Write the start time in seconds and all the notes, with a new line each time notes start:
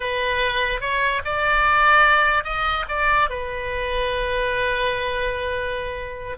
0.00 B4
0.80 C#5
1.24 D5
2.44 D#5
2.88 D5
3.29 B4